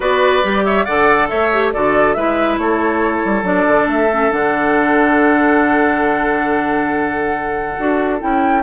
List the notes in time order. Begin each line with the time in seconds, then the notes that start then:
0.00 B3 F#4 B4 D5
0.43 G3 G4
0.65 C#5 E5
0.85 D3 A4 D5 F#5
1.28 A3 C#5 E5
1.52 G4
1.73 D3 F#4 A4 D5
2.13 G#3 E4 B4 E5
2.58 A3 A4 C#5
3.24 G3
3.42 F#3 D4 D5
3.67 D3
3.86 A3 E5
4.12 C#4
4.30 D3 D4 F#5
7.78 D4 F#4
8.19 C#4 E4 G5